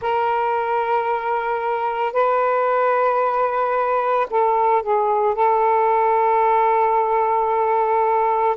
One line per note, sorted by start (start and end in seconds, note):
0.01 2.12 A#4
2.12 4.27 B4
4.30 4.82 A4
4.82 5.35 G#4
5.35 8.56 A4